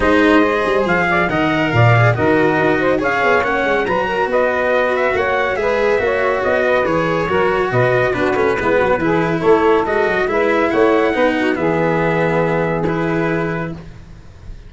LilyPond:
<<
  \new Staff \with { instrumentName = "trumpet" } { \time 4/4 \tempo 4 = 140 dis''2 f''4 fis''4 | f''4 dis''2 f''4 | fis''4 ais''4 dis''4. e''8 | fis''4 e''2 dis''4 |
cis''2 dis''4 b'4~ | b'2 cis''4 dis''4 | e''4 fis''2 e''4~ | e''2 b'2 | }
  \new Staff \with { instrumentName = "saxophone" } { \time 4/4 c''2~ c''8 d''8 dis''4 | d''4 ais'4. c''8 cis''4~ | cis''4 b'8 ais'8 b'2 | cis''4 b'4 cis''4. b'8~ |
b'4 ais'4 b'4 fis'4 | e'8 fis'8 gis'4 a'2 | b'4 cis''4 b'8 fis'8 gis'4~ | gis'1 | }
  \new Staff \with { instrumentName = "cello" } { \time 4/4 dis'4 gis'2 ais'4~ | ais'8 gis'8 fis'2 gis'4 | cis'4 fis'2.~ | fis'4 gis'4 fis'2 |
gis'4 fis'2 d'8 cis'8 | b4 e'2 fis'4 | e'2 dis'4 b4~ | b2 e'2 | }
  \new Staff \with { instrumentName = "tuba" } { \time 4/4 gis4. g8 f4 dis4 | ais,4 dis4 dis'4 cis'8 b8 | ais8 gis8 fis4 b2 | ais4 gis4 ais4 b4 |
e4 fis4 b,4 b8 a8 | gis8 fis8 e4 a4 gis8 fis8 | gis4 a4 b4 e4~ | e1 | }
>>